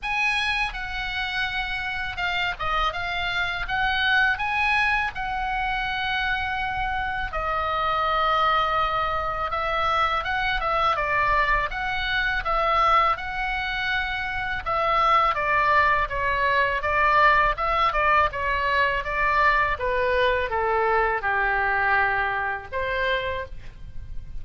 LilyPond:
\new Staff \with { instrumentName = "oboe" } { \time 4/4 \tempo 4 = 82 gis''4 fis''2 f''8 dis''8 | f''4 fis''4 gis''4 fis''4~ | fis''2 dis''2~ | dis''4 e''4 fis''8 e''8 d''4 |
fis''4 e''4 fis''2 | e''4 d''4 cis''4 d''4 | e''8 d''8 cis''4 d''4 b'4 | a'4 g'2 c''4 | }